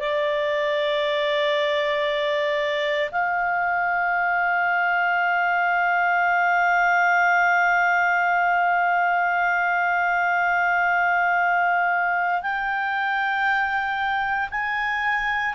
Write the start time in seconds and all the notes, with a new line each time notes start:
0.00 D5
3.11 F5
12.42 G5
14.51 G#5